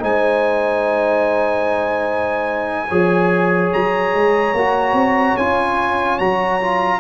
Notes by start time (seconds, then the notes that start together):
0.00 G#3 D#4 C5 G#5
2.88 F3 G#4 C#5
3.73 F#3 A#5
4.14 G#3
4.54 A#3 F#4
4.93 C4
5.37 C#4 F4 G#5
6.19 F#3 F#4 A#5
6.61 F4